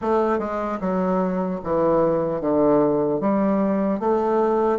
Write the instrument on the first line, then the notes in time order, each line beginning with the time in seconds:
bassoon
0.01 A3
0.38 G#3
0.80 F#3
1.63 E3
2.40 D3
3.20 G3
3.99 A3